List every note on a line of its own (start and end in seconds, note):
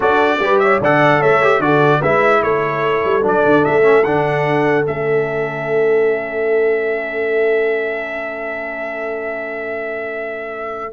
0.00 0.39 D4
0.00 0.39 F#4
0.00 0.39 A4
0.00 0.59 D5
0.39 0.79 G3
0.39 0.82 G4
0.39 0.62 B4
0.59 0.80 C#5
0.59 0.79 E5
0.80 1.21 D3
0.80 1.42 A4
0.80 1.20 D5
0.80 1.22 F#5
1.20 1.59 A3
1.20 1.60 C#5
1.20 1.61 E5
1.42 1.61 G4
1.59 1.99 D3
1.59 2.01 F#4
1.59 2.00 A4
1.59 2.02 D5
2.00 2.42 G#3
2.00 3.22 E4
2.00 2.40 B4
2.00 2.42 E5
2.42 3.03 A3
2.42 10.92 A4
2.42 3.23 C#5
3.04 3.23 G3
3.22 3.44 F#3
3.22 3.82 D4
3.22 3.65 D5
3.45 3.65 D3
3.65 4.04 A3
3.65 4.04 E5
3.82 4.02 C#4
4.04 4.85 D3
4.04 4.84 D4
4.04 4.85 F#5
4.84 10.92 A3
4.84 10.92 C#4
4.84 10.92 E5